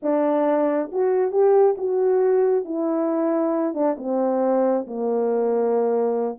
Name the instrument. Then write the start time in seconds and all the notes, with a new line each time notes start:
horn
0.02 D4
0.91 F#4
1.31 G4
1.77 F#4
2.64 E4
3.74 D4
3.97 C4
4.86 A#3